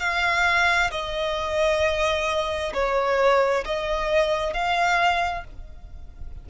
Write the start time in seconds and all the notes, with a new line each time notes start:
0.00 F5
0.91 D#5
2.74 C#5
3.65 D#5
4.53 F5